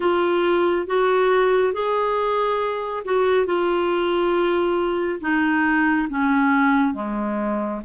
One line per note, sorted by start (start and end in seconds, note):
0.00 0.87 F4
0.87 1.73 F#4
1.73 3.03 G#4
3.04 3.46 F#4
3.46 5.20 F4
5.21 6.08 D#4
6.09 6.94 C#4
6.94 7.81 G#3